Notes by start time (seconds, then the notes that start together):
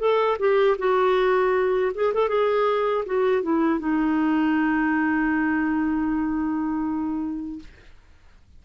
0.00 A4
0.39 G4
0.79 F#4
1.95 G#4
2.14 A4
2.29 G#4
3.07 F#4
3.43 E4
3.80 D#4